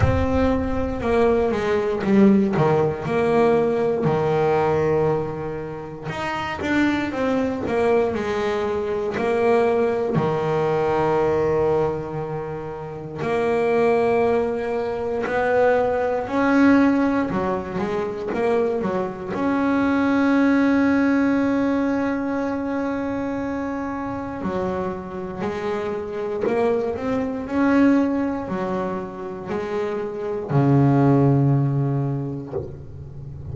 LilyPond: \new Staff \with { instrumentName = "double bass" } { \time 4/4 \tempo 4 = 59 c'4 ais8 gis8 g8 dis8 ais4 | dis2 dis'8 d'8 c'8 ais8 | gis4 ais4 dis2~ | dis4 ais2 b4 |
cis'4 fis8 gis8 ais8 fis8 cis'4~ | cis'1 | fis4 gis4 ais8 c'8 cis'4 | fis4 gis4 cis2 | }